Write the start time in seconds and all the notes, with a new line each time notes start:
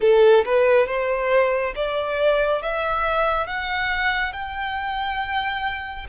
0.00 A4
0.44 B4
0.87 C5
1.75 D5
2.62 E5
3.46 F#5
4.32 G5